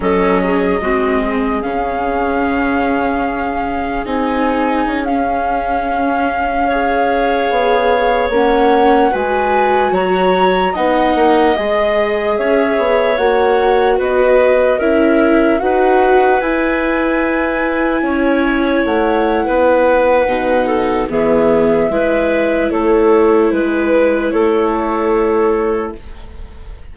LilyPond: <<
  \new Staff \with { instrumentName = "flute" } { \time 4/4 \tempo 4 = 74 dis''2 f''2~ | f''4 gis''4~ gis''16 f''4.~ f''16~ | f''2~ f''16 fis''4 gis''8.~ | gis''16 ais''4 fis''4 dis''4 e''8.~ |
e''16 fis''4 dis''4 e''4 fis''8.~ | fis''16 gis''2. fis''8.~ | fis''2 e''2 | cis''4 b'4 cis''2 | }
  \new Staff \with { instrumentName = "clarinet" } { \time 4/4 a'8 gis'8 fis'8 gis'2~ gis'8~ | gis'1~ | gis'16 cis''2. b'8.~ | b'16 cis''4 dis''2 cis''8.~ |
cis''4~ cis''16 b'4 ais'4 b'8.~ | b'2~ b'16 cis''4.~ cis''16 | b'4. a'8 gis'4 b'4 | a'4 b'4 a'2 | }
  \new Staff \with { instrumentName = "viola" } { \time 4/4 cis'4 c'4 cis'2~ | cis'4 dis'4~ dis'16 cis'4.~ cis'16~ | cis'16 gis'2 cis'4 fis'8.~ | fis'4~ fis'16 dis'4 gis'4.~ gis'16~ |
gis'16 fis'2 e'4 fis'8.~ | fis'16 e'2.~ e'8.~ | e'4 dis'4 b4 e'4~ | e'1 | }
  \new Staff \with { instrumentName = "bassoon" } { \time 4/4 fis4 gis4 cis2~ | cis4 c'4 cis'2~ | cis'4~ cis'16 b4 ais4 gis8.~ | gis16 fis4 b8 ais8 gis4 cis'8 b16~ |
b16 ais4 b4 cis'4 dis'8.~ | dis'16 e'2 cis'4 a8. | b4 b,4 e4 gis4 | a4 gis4 a2 | }
>>